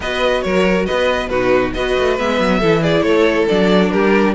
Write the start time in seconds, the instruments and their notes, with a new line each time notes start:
0.00 cello B3, viola F#4, violin B4 D#5
0.42 cello F#3, violin A#4 C#5
0.86 cello B3, violin B4 D#5
1.28 cello B2, viola D#4, violin F#4 B4
1.74 cello B3, viola F#4, violin B4 D#5
1.98 cello A3
2.18 cello G#3, viola B3, violin E5
2.40 cello F#3
2.59 cello E3, viola E4, violin A4
2.82 violin G#4 D5
3.02 cello A3, violin A4 C#5
3.48 cello F#3, viola D4, violin D5
3.90 cello G3, violin G4 A#4